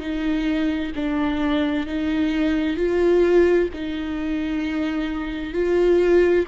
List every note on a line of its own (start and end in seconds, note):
0.00 0.92 D#4
0.95 1.87 D4
1.87 2.77 D#4
2.77 3.69 F4
3.73 5.53 D#4
5.53 6.46 F4